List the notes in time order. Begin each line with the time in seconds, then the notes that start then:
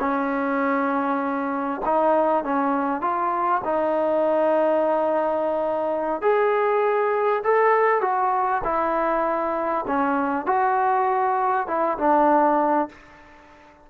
0.00 C#4
1.86 D#4
2.44 C#4
3.02 F4
3.65 D#4
6.22 G#4
7.44 A4
8.02 F#4
8.64 E4
9.88 C#4
10.47 F#4
11.67 E4
11.98 D4